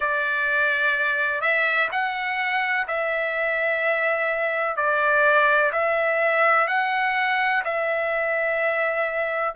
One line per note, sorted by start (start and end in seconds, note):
0.00 1.41 D5
1.41 1.88 E5
1.91 2.86 F#5
2.87 4.76 E5
4.76 5.71 D5
5.72 6.67 E5
6.67 7.62 F#5
7.64 9.55 E5